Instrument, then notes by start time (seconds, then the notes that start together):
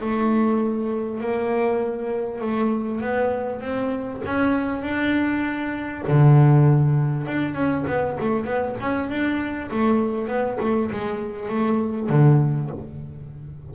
double bass
0.00 A3
1.20 A#3
2.40 A3
3.01 B3
3.61 C4
4.25 C#4
4.82 D4
6.07 D3
7.26 D4
7.54 C#4
7.87 B3
8.20 A3
8.44 B3
8.80 C#4
9.09 D4
9.71 A3
10.27 B3
10.60 A3
10.91 G#3
11.48 A3
12.09 D3